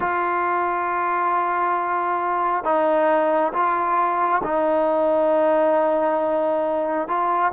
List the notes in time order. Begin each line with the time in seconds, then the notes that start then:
0.00 F4
2.64 D#4
3.53 F4
4.43 D#4
7.07 F4